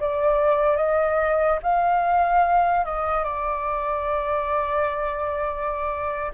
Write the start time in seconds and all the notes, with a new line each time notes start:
0.00 D5
0.77 D#5
1.63 F5
2.85 D#5
3.24 D5